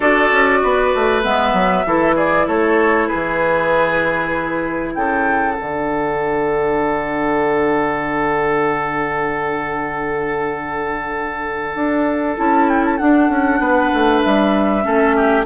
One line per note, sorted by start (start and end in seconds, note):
0.00 0.31 D4
0.00 1.22 F#4
0.00 0.59 A4
0.00 1.22 D5
0.31 0.62 C#4
0.62 0.94 B3
0.62 1.86 B4
0.94 1.24 A3
1.22 1.53 G#3
1.22 1.84 B3
1.22 2.15 E5
1.53 1.84 F#3
1.85 2.47 E3
1.85 5.55 E4
1.85 2.15 A4
2.15 2.46 G#4
2.15 2.47 D5
2.47 3.09 A3
2.47 3.07 A4
2.47 3.07 C#5
3.07 4.93 G#4
3.07 4.93 B4
3.14 4.95 E3
4.94 5.57 C#3
4.94 13.60 A4
4.94 5.54 G5
5.54 11.75 D3
5.54 12.36 D4
5.54 12.34 F#5
11.75 12.37 D4
12.36 13.00 C#4
12.36 12.98 E4
12.36 12.68 A5
12.68 12.84 G5
12.85 12.97 A5
12.97 14.82 D4
12.97 13.29 D4
12.97 14.21 F#5
13.29 13.59 C#4
13.59 13.90 B3
13.59 14.84 B4
13.93 14.24 A3
14.22 14.85 G3
14.22 15.45 E5
14.82 15.45 A3
14.82 15.44 C#4
14.82 15.16 A4
15.16 15.45 G4